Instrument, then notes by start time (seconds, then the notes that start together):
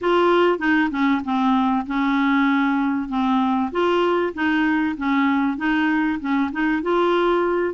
clarinet
0.01 F4
0.58 D#4
0.90 C#4
1.24 C4
1.86 C#4
3.08 C4
3.71 F4
4.34 D#4
4.97 C#4
5.57 D#4
6.19 C#4
6.52 D#4
6.82 F4